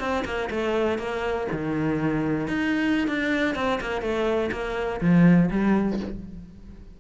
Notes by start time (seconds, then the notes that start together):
0.00 C4
0.25 A#3
0.51 A3
0.98 A#3
1.52 D#3
2.48 D#4
3.08 D4
3.55 C4
3.81 A#3
4.02 A3
4.52 A#3
5.01 F3
5.51 G3